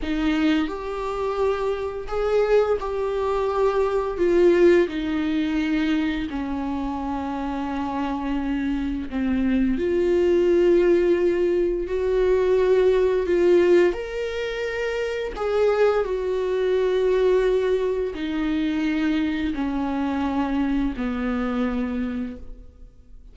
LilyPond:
\new Staff \with { instrumentName = "viola" } { \time 4/4 \tempo 4 = 86 dis'4 g'2 gis'4 | g'2 f'4 dis'4~ | dis'4 cis'2.~ | cis'4 c'4 f'2~ |
f'4 fis'2 f'4 | ais'2 gis'4 fis'4~ | fis'2 dis'2 | cis'2 b2 | }